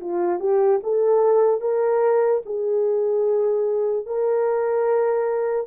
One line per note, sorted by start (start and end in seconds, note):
0.00 0.39 F4
0.39 0.80 G4
0.83 1.61 A4
1.61 2.42 A#4
2.45 4.06 G#4
4.06 5.66 A#4